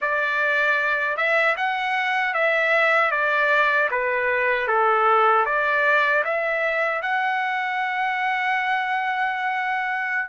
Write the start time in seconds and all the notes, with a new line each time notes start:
0.01 D5
1.16 E5
1.57 F#5
2.34 E5
3.11 D5
3.90 B4
4.67 A4
5.45 D5
6.24 E5
7.01 F#5